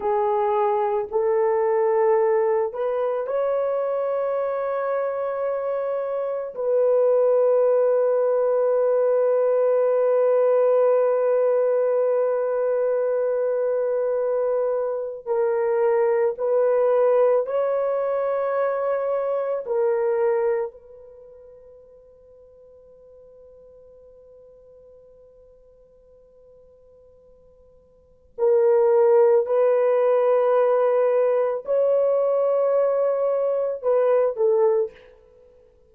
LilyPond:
\new Staff \with { instrumentName = "horn" } { \time 4/4 \tempo 4 = 55 gis'4 a'4. b'8 cis''4~ | cis''2 b'2~ | b'1~ | b'2 ais'4 b'4 |
cis''2 ais'4 b'4~ | b'1~ | b'2 ais'4 b'4~ | b'4 cis''2 b'8 a'8 | }